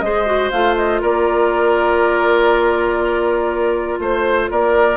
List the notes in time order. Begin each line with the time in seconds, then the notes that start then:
0.00 G#3 G#4 C5 D#5
0.26 F#4
0.51 A3 F4 F5
0.76 D#5
1.01 A#3 A#4 D5
3.99 A3 C5
4.51 A#3 A#4 D5